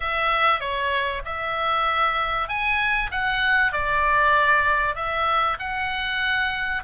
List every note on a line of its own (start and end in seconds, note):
0.00 0.60 E5
0.60 1.22 C#5
1.25 2.48 E5
2.48 3.10 G#5
3.11 3.72 F#5
3.72 4.95 D5
4.95 5.57 E5
5.59 6.83 F#5